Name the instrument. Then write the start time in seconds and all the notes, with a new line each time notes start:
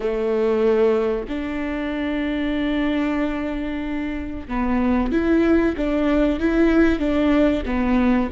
viola
0.00 A3
1.28 D4
4.48 B3
5.12 E4
5.76 D4
6.39 E4
6.99 D4
7.65 B3